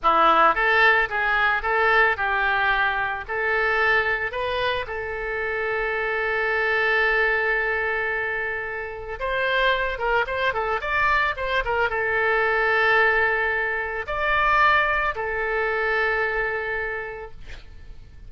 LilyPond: \new Staff \with { instrumentName = "oboe" } { \time 4/4 \tempo 4 = 111 e'4 a'4 gis'4 a'4 | g'2 a'2 | b'4 a'2.~ | a'1~ |
a'4 c''4. ais'8 c''8 a'8 | d''4 c''8 ais'8 a'2~ | a'2 d''2 | a'1 | }